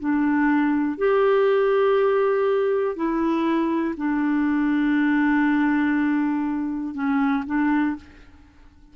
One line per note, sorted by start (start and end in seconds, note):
0.00 0.98 D4
0.98 2.96 G4
2.96 3.95 E4
3.97 6.94 D4
6.94 7.44 C#4
7.47 7.96 D4